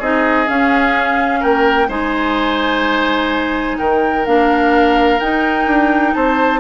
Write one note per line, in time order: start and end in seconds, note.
0.00 0.48 C4
0.00 0.47 D#4
0.00 1.40 G#4
0.00 0.48 D#5
0.47 1.89 C#4
0.47 1.44 C#4
0.47 1.43 F5
1.40 1.89 A#3
1.40 1.87 A#4
1.40 1.90 G5
1.89 3.78 G#3
1.89 4.25 D#4
1.89 3.78 C5
1.89 3.79 G#5
3.79 4.27 D#3
3.79 6.15 A#4
3.79 4.26 G5
4.26 5.21 A#3
4.26 5.20 D4
4.26 5.20 F5
5.20 5.67 D#4
5.20 6.60 D#4
5.20 6.14 G5
5.67 6.14 D4
6.14 6.60 C4
6.14 6.60 C5
6.14 6.60 A5